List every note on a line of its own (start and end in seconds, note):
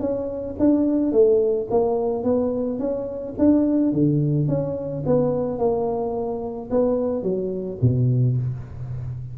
0.00 0.56 C#4
0.59 1.12 D4
1.12 1.68 A3
1.70 2.24 A#3
2.24 2.79 B3
2.79 3.35 C#4
3.38 3.92 D4
3.92 4.48 D3
4.48 5.04 C#4
5.06 5.58 B3
5.58 6.69 A#3
6.70 7.23 B3
7.23 7.78 F#3
7.82 8.37 B2